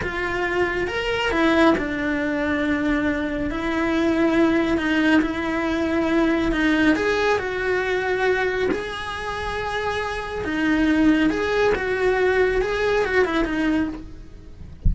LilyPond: \new Staff \with { instrumentName = "cello" } { \time 4/4 \tempo 4 = 138 f'2 ais'4 e'4 | d'1 | e'2. dis'4 | e'2. dis'4 |
gis'4 fis'2. | gis'1 | dis'2 gis'4 fis'4~ | fis'4 gis'4 fis'8 e'8 dis'4 | }